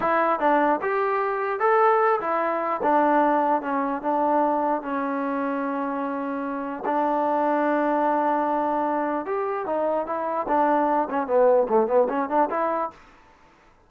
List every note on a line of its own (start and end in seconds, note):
0.00 0.39 E4
0.39 0.80 D4
0.81 1.59 G4
1.59 2.19 A4
2.20 2.81 E4
2.82 3.61 D4
3.61 4.01 C#4
4.02 4.82 D4
4.82 6.83 C#4
6.85 9.25 D4
9.25 9.66 G4
9.66 10.06 D#4
10.06 10.46 E4
10.48 11.08 D4
11.10 11.27 C#4
11.27 11.67 B3
11.69 11.87 A3
11.87 12.07 B3
12.08 12.29 C#4
12.29 12.49 D4
12.50 12.90 E4